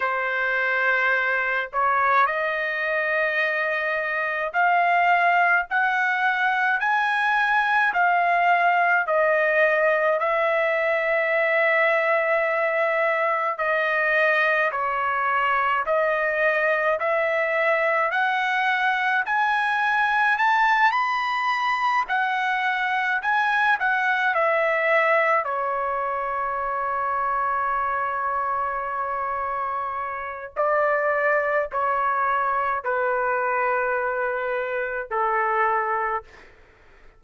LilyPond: \new Staff \with { instrumentName = "trumpet" } { \time 4/4 \tempo 4 = 53 c''4. cis''8 dis''2 | f''4 fis''4 gis''4 f''4 | dis''4 e''2. | dis''4 cis''4 dis''4 e''4 |
fis''4 gis''4 a''8 b''4 fis''8~ | fis''8 gis''8 fis''8 e''4 cis''4.~ | cis''2. d''4 | cis''4 b'2 a'4 | }